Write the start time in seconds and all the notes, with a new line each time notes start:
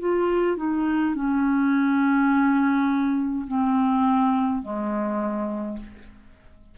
0.00 F4
0.57 D#4
1.15 C#4
3.48 C4
4.62 G#3